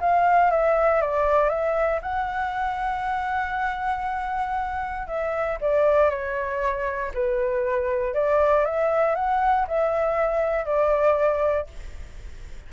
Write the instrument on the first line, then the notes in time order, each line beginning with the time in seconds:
flute
0.00 F5
0.51 E5
1.01 D5
1.49 E5
2.02 F#5
5.08 E5
5.61 D5
6.10 C#5
7.14 B4
8.14 D5
8.65 E5
9.15 F#5
9.68 E5
10.65 D5